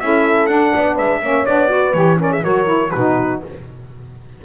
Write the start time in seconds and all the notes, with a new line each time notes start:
0.00 C#4 E4 A4 E5
0.47 D4 F#5
0.75 B3 D5
0.95 G#3 B4 E5
1.22 A#3 C#4 C#5
1.46 B3 D4 D5
1.68 F#4 B4
1.93 E3 G4 C#5
2.17 C#4 A#4
2.23 D5
2.31 G#4 E5
2.43 F#3 F#4 A#4 C#5
2.65 E4
2.91 B2 D#4 F#4 B4